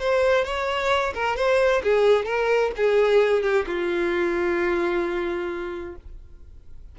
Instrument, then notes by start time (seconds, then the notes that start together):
violin
0.00 C5
0.45 C#5
1.14 A#4
1.36 C5
1.83 G#4
2.26 A#4
2.77 G#4
3.43 G4
3.67 F4